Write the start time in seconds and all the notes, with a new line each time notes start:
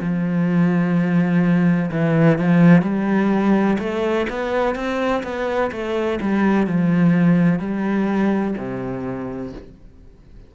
0.00 F3
1.92 E3
2.39 F3
2.83 G3
3.79 A3
4.30 B3
4.75 C4
5.23 B3
5.72 A3
6.22 G3
6.67 F3
7.59 G3
8.58 C3